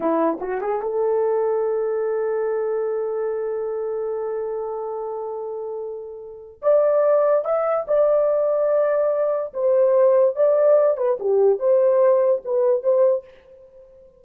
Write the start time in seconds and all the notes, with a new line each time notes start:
0.00 E4
0.40 F#4
0.61 G#4
0.81 A4
6.62 D5
7.44 E5
7.87 D5
9.53 C5
10.35 D5
10.97 B4
11.19 G4
11.59 C5
12.44 B4
12.83 C5